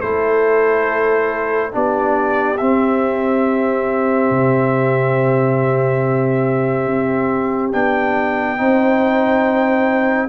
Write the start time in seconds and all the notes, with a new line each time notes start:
0.00 A3 E4 A4 C5
1.72 B3 D4 G4 D5
2.58 C4 E5
4.31 C3
6.87 C4
7.73 B3 D4 G5
8.58 C4 D#4 C5